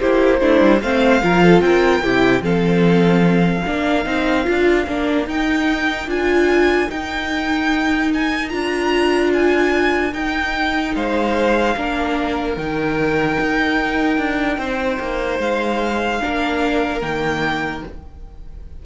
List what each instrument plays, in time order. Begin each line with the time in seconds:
0.00 cello A#3, viola E4, violin G4 C5
0.41 cello A3, viola D4, violin E4
0.61 cello G3
0.82 cello A3, viola C4, violin C5 F5
1.22 cello F3, viola F4, violin A#4
1.44 violin A4
1.61 cello C4, violin A#4 G5
2.03 cello C3, viola E4, violin G4
2.41 cello F3, viola C4, violin A4 F5
3.66 cello A#3, viola D4, violin A#4
4.05 cello C4, viola D#4
4.45 cello D4, viola F4
4.87 cello A#3, viola D4
5.27 cello D#4, viola D#4, violin G5
6.07 cello D4, viola F4, violin G#5
6.89 viola D#4, cello D#4, violin G5
8.14 violin G#5
8.49 cello D4, viola F4, violin A#5
9.34 violin G#5
10.13 viola D#4, cello D#4, violin G5
10.95 cello G#3, violin C5 F5
11.77 cello A#3, viola D4, violin A#4
12.57 cello D#3, viola D#4, violin G5
13.40 cello D#4
14.18 cello D4
14.58 cello C4, violin C5
15.00 cello A#3
15.39 cello G#3, violin F5
16.21 cello A#3, viola D4, violin A#4
17.01 cello D#3, viola A#3, violin G5